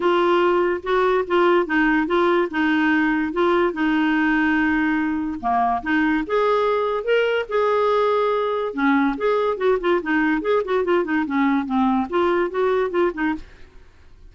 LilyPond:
\new Staff \with { instrumentName = "clarinet" } { \time 4/4 \tempo 4 = 144 f'2 fis'4 f'4 | dis'4 f'4 dis'2 | f'4 dis'2.~ | dis'4 ais4 dis'4 gis'4~ |
gis'4 ais'4 gis'2~ | gis'4 cis'4 gis'4 fis'8 f'8 | dis'4 gis'8 fis'8 f'8 dis'8 cis'4 | c'4 f'4 fis'4 f'8 dis'8 | }